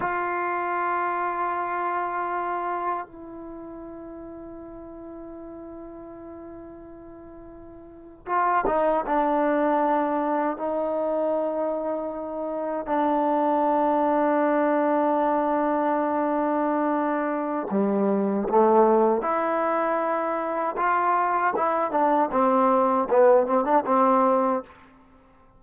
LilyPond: \new Staff \with { instrumentName = "trombone" } { \time 4/4 \tempo 4 = 78 f'1 | e'1~ | e'2~ e'8. f'8 dis'8 d'16~ | d'4.~ d'16 dis'2~ dis'16~ |
dis'8. d'2.~ d'16~ | d'2. g4 | a4 e'2 f'4 | e'8 d'8 c'4 b8 c'16 d'16 c'4 | }